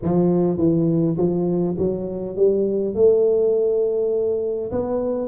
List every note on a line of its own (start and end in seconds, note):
0.02 0.57 F3
0.57 1.16 E3
1.17 1.76 F3
1.78 2.36 F#3
2.36 2.94 G3
2.94 4.71 A3
4.71 5.28 B3